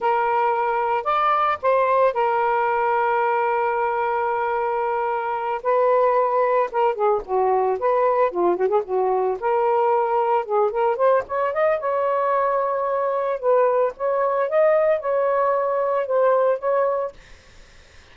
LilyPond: \new Staff \with { instrumentName = "saxophone" } { \time 4/4 \tempo 4 = 112 ais'2 d''4 c''4 | ais'1~ | ais'2~ ais'8 b'4.~ | b'8 ais'8 gis'8 fis'4 b'4 f'8 |
fis'16 gis'16 fis'4 ais'2 gis'8 | ais'8 c''8 cis''8 dis''8 cis''2~ | cis''4 b'4 cis''4 dis''4 | cis''2 c''4 cis''4 | }